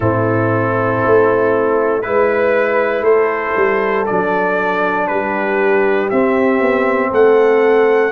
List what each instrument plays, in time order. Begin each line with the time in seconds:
0.00 tuba A2, trombone C4, horn E4, trumpet A4
1.04 tuba A3
2.01 tuba G#3, trombone E4, trumpet B4, horn B4
3.01 tuba A3, horn A4, trumpet C5
3.56 tuba G3
4.06 tuba F#3, trombone D4, trumpet D5
5.07 tuba G3, horn G4, trumpet B4
6.10 trombone C4, tuba C4, trumpet E5
6.60 tuba B3
7.10 tuba A3, horn A4, trumpet F#5